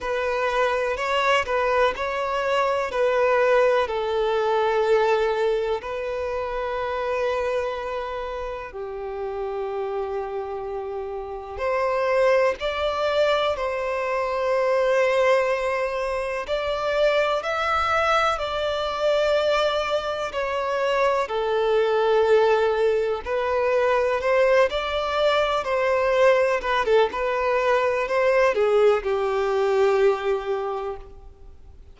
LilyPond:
\new Staff \with { instrumentName = "violin" } { \time 4/4 \tempo 4 = 62 b'4 cis''8 b'8 cis''4 b'4 | a'2 b'2~ | b'4 g'2. | c''4 d''4 c''2~ |
c''4 d''4 e''4 d''4~ | d''4 cis''4 a'2 | b'4 c''8 d''4 c''4 b'16 a'16 | b'4 c''8 gis'8 g'2 | }